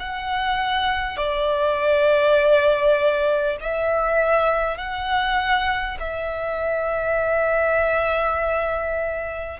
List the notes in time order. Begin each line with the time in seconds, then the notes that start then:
0.00 F#5
1.18 D5
3.61 E5
4.78 F#5
6.01 E5